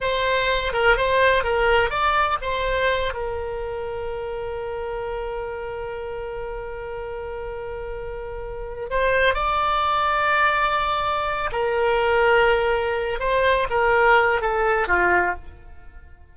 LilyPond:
\new Staff \with { instrumentName = "oboe" } { \time 4/4 \tempo 4 = 125 c''4. ais'8 c''4 ais'4 | d''4 c''4. ais'4.~ | ais'1~ | ais'1~ |
ais'2~ ais'8 c''4 d''8~ | d''1 | ais'2.~ ais'8 c''8~ | c''8 ais'4. a'4 f'4 | }